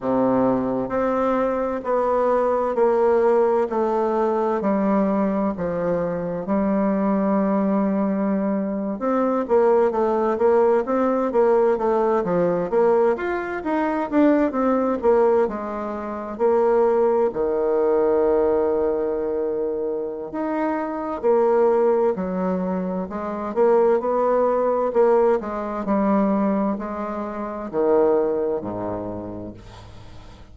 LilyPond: \new Staff \with { instrumentName = "bassoon" } { \time 4/4 \tempo 4 = 65 c4 c'4 b4 ais4 | a4 g4 f4 g4~ | g4.~ g16 c'8 ais8 a8 ais8 c'16~ | c'16 ais8 a8 f8 ais8 f'8 dis'8 d'8 c'16~ |
c'16 ais8 gis4 ais4 dis4~ dis16~ | dis2 dis'4 ais4 | fis4 gis8 ais8 b4 ais8 gis8 | g4 gis4 dis4 gis,4 | }